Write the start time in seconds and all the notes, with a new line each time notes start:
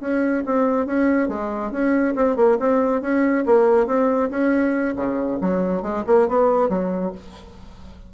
0.00 C#4
0.45 C4
0.86 C#4
1.28 G#3
1.71 C#4
2.15 C4
2.36 A#3
2.59 C4
3.01 C#4
3.46 A#3
3.86 C4
4.30 C#4
4.96 C#3
5.41 F#3
5.82 G#3
6.06 A#3
6.28 B3
6.69 F#3